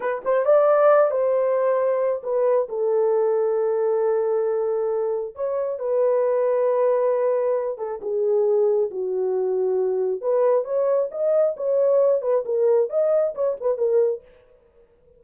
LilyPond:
\new Staff \with { instrumentName = "horn" } { \time 4/4 \tempo 4 = 135 b'8 c''8 d''4. c''4.~ | c''4 b'4 a'2~ | a'1 | cis''4 b'2.~ |
b'4. a'8 gis'2 | fis'2. b'4 | cis''4 dis''4 cis''4. b'8 | ais'4 dis''4 cis''8 b'8 ais'4 | }